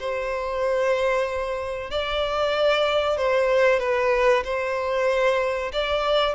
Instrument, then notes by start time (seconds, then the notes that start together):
violin
0.00 C5
1.91 D5
3.18 C5
3.80 B4
4.44 C5
5.73 D5